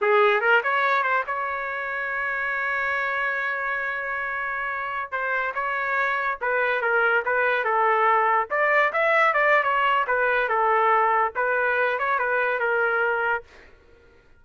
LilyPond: \new Staff \with { instrumentName = "trumpet" } { \time 4/4 \tempo 4 = 143 gis'4 ais'8 cis''4 c''8 cis''4~ | cis''1~ | cis''1~ | cis''16 c''4 cis''2 b'8.~ |
b'16 ais'4 b'4 a'4.~ a'16~ | a'16 d''4 e''4 d''8. cis''4 | b'4 a'2 b'4~ | b'8 cis''8 b'4 ais'2 | }